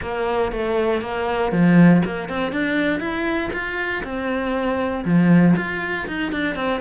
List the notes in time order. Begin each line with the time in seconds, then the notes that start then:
0.01 A#3
0.52 A3
1.01 A#3
1.52 F3
2.05 A#3
2.28 C4
2.52 D4
3.00 E4
3.52 F4
4.03 C4
5.04 F3
5.56 F4
6.07 D#4
6.31 D4
6.55 C4